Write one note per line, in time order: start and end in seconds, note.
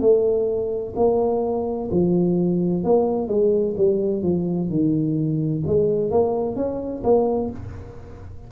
0.00 0.94 A3
0.95 1.89 A#3
1.91 2.83 F3
2.83 3.28 A#3
3.28 3.75 G#3
3.77 4.22 G3
4.22 4.69 F3
4.70 5.63 D#3
5.66 6.11 G#3
6.11 6.56 A#3
6.56 7.03 C#4
7.03 7.50 A#3